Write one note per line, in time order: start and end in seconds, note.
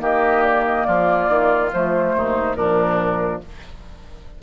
0.00 0.86 D#3
0.00 1.72 A#3
0.00 0.87 G4
0.00 0.43 D#5
0.43 0.65 D5
0.66 0.86 D#5
0.86 1.29 F3
0.86 2.16 F4
0.86 1.71 D5
1.29 1.72 D#3
1.72 2.15 F3
1.72 2.57 A3
1.72 2.56 C5
2.15 2.56 D#2
2.15 2.57 D#4
2.56 3.41 A#2
2.56 3.43 F3
2.56 3.42 D4
2.56 3.41 A#4